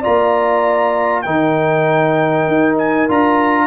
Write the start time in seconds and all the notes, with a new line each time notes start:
0.00 A#3 F4 D5 A#5
1.21 D#3 D#4 A#4 G5
2.47 D#4
2.78 G#5
3.08 D4 F4 A#5